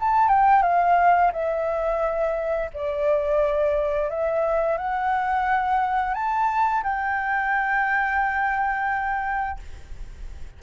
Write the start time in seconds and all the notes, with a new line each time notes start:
0.00 A5
0.28 G5
0.62 F5
1.32 E5
2.74 D5
4.09 E5
4.77 F#5
6.14 A5
6.83 G5